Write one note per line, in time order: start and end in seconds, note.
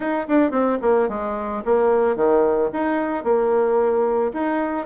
0.00 0.27 D#4
0.28 0.51 D4
0.51 0.78 C4
0.81 1.08 A#3
1.08 1.62 G#3
1.65 2.16 A#3
2.16 2.70 D#3
2.72 3.23 D#4
3.23 4.31 A#3
4.33 4.86 D#4